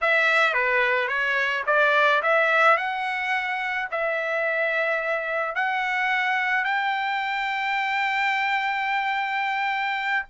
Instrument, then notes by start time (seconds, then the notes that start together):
trumpet
0.01 E5
0.53 B4
1.08 C#5
1.66 D5
2.22 E5
2.77 F#5
3.91 E5
5.55 F#5
6.64 G5